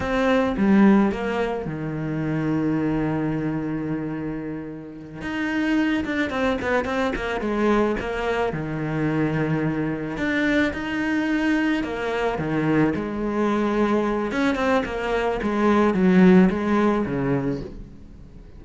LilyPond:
\new Staff \with { instrumentName = "cello" } { \time 4/4 \tempo 4 = 109 c'4 g4 ais4 dis4~ | dis1~ | dis4. dis'4. d'8 c'8 | b8 c'8 ais8 gis4 ais4 dis8~ |
dis2~ dis8 d'4 dis'8~ | dis'4. ais4 dis4 gis8~ | gis2 cis'8 c'8 ais4 | gis4 fis4 gis4 cis4 | }